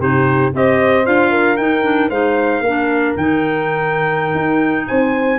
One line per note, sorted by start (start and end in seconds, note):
0.00 0.53 C3
0.00 0.53 D#4
0.00 0.53 G4
0.00 0.54 C5
0.54 1.07 C4
0.54 1.05 G4
0.54 1.31 C5
0.54 1.06 D#5
1.05 1.58 D4
1.05 1.58 F4
1.05 1.57 F5
1.31 2.09 A#4
1.57 2.10 D#4
1.57 1.83 D#4
1.57 2.10 G5
1.83 2.09 D4
2.09 2.61 G#3
2.09 2.64 D#4
2.09 2.62 C5
2.09 3.16 F5
2.61 3.13 A#3
2.61 4.87 A#4
2.67 3.19 D4
3.17 4.35 D#3
3.17 5.39 D#4
3.17 4.88 G5
4.35 4.87 D#4
4.88 5.39 C4
4.88 5.39 C5
4.88 5.39 G#5